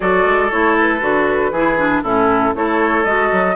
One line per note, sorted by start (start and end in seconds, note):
0.00 0.25 F#3
0.00 0.50 F#4
0.00 1.51 A4
0.00 0.50 D5
0.25 0.51 G#3
0.51 1.01 A3
0.51 0.99 E4
0.51 0.76 C#5
0.80 2.03 B4
0.99 1.51 D3
0.99 1.50 F#4
1.51 2.02 E3
1.51 1.78 E4
1.51 2.03 G#4
1.78 2.03 D4
2.03 2.54 A2
2.03 2.54 C#4
2.03 2.53 E4
2.03 2.54 A4
2.54 3.04 A3
2.54 3.05 E4
2.54 3.56 A4
2.54 3.05 C#5
3.04 3.30 G#3
3.04 3.56 F#4
3.04 3.55 D#5
3.32 3.56 F#3